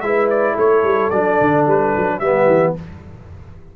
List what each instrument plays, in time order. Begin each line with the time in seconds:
0.00 tuba G#3, trombone E4, horn B4, trumpet E5
0.30 trumpet D5
0.53 tuba A3, horn A4, trumpet C#5
0.83 tuba G3
1.10 tuba F#3, trombone D4, trumpet D5
1.40 tuba D3
1.66 tuba G3, trumpet B4
1.96 tuba F#3
2.19 tuba G3, trombone B3, horn G4, trumpet E5
2.46 tuba E3